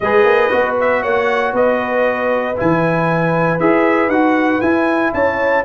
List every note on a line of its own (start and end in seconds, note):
0.00 0.24 G#3
0.00 0.50 G#4
0.00 1.02 B4
0.00 0.75 D#5
0.24 0.50 A#3
0.50 1.03 B3
0.50 2.55 F#4
0.80 1.03 E5
1.02 1.53 A#3
1.02 1.53 C#5
1.02 1.54 F#5
1.53 2.55 B3
1.53 5.13 B4
1.53 2.58 D#5
2.56 3.60 E3
2.56 3.59 E4
2.56 3.59 G#5
3.59 4.08 E4
3.59 4.11 G#4
3.59 4.09 E5
4.08 4.59 D#4
4.08 4.62 F#4
4.08 4.60 F#5
4.61 5.12 E4
4.61 5.64 E4
4.61 5.12 G#5
5.13 5.64 C#4
5.13 5.64 C#5
5.13 5.64 A5